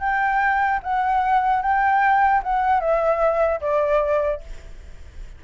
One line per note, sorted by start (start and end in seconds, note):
0.00 0.80 G5
0.83 1.62 F#5
1.62 2.42 G5
2.43 2.80 F#5
2.80 3.60 E5
3.61 4.41 D5